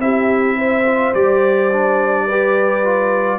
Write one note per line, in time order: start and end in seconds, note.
0.00 1.13 C4
0.00 0.85 E4
0.00 0.58 G4
0.00 1.15 E5
0.58 2.27 C5
0.86 1.14 F4
1.15 3.39 G3
1.15 1.71 G4
1.15 3.39 D5
1.72 2.29 D4
2.27 2.85 G4
2.27 3.39 B4
2.85 3.39 F4